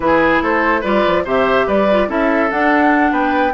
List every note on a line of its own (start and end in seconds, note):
0.00 0.41 E3
0.00 0.82 E4
0.00 0.42 G#4
0.00 0.39 B4
0.41 0.82 A3
0.41 0.81 A4
0.41 0.83 C5
0.81 1.04 G3
0.81 1.24 F4
0.81 1.22 B4
0.81 1.25 D5
1.06 1.25 F3
1.25 1.66 C3
1.25 1.88 G4
1.25 1.66 C5
1.25 1.68 E5
1.66 2.08 G3
1.66 2.08 B4
1.66 2.10 D5
1.91 2.08 F4
2.08 2.50 C#4
2.08 2.49 E4
2.08 3.12 A4
2.08 2.51 E5
2.51 3.11 D4
2.51 3.53 D4
2.51 3.13 F#5
3.11 3.53 B3
3.11 3.53 B4
3.11 3.53 G5